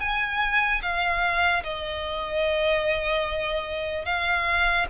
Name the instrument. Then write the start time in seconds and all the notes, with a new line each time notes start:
violin
0.00 G#5
0.82 F5
1.64 D#5
4.05 F5